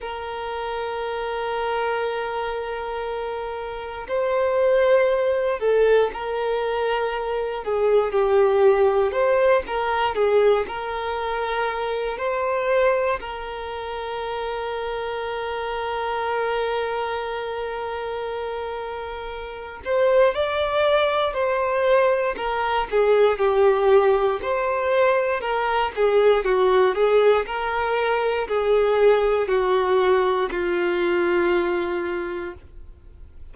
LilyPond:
\new Staff \with { instrumentName = "violin" } { \time 4/4 \tempo 4 = 59 ais'1 | c''4. a'8 ais'4. gis'8 | g'4 c''8 ais'8 gis'8 ais'4. | c''4 ais'2.~ |
ais'2.~ ais'8 c''8 | d''4 c''4 ais'8 gis'8 g'4 | c''4 ais'8 gis'8 fis'8 gis'8 ais'4 | gis'4 fis'4 f'2 | }